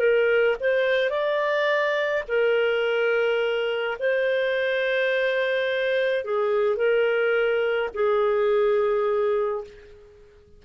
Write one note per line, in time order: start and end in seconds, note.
0.00 0.57 A#4
0.60 1.11 C5
1.11 2.24 D5
2.28 3.98 A#4
4.00 6.25 C5
6.25 6.77 G#4
6.77 7.90 A#4
7.95 9.64 G#4